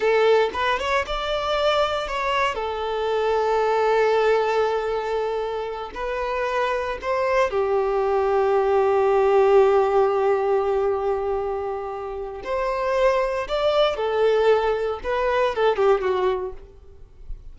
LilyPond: \new Staff \with { instrumentName = "violin" } { \time 4/4 \tempo 4 = 116 a'4 b'8 cis''8 d''2 | cis''4 a'2.~ | a'2.~ a'8 b'8~ | b'4. c''4 g'4.~ |
g'1~ | g'1 | c''2 d''4 a'4~ | a'4 b'4 a'8 g'8 fis'4 | }